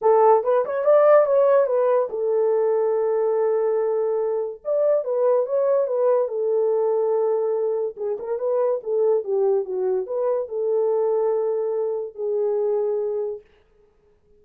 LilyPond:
\new Staff \with { instrumentName = "horn" } { \time 4/4 \tempo 4 = 143 a'4 b'8 cis''8 d''4 cis''4 | b'4 a'2.~ | a'2. d''4 | b'4 cis''4 b'4 a'4~ |
a'2. gis'8 ais'8 | b'4 a'4 g'4 fis'4 | b'4 a'2.~ | a'4 gis'2. | }